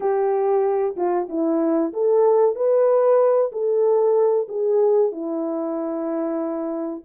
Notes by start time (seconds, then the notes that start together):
0.00 G4
0.96 F4
1.29 E4
1.93 A4
2.55 B4
3.51 A4
4.48 G#4
5.12 E4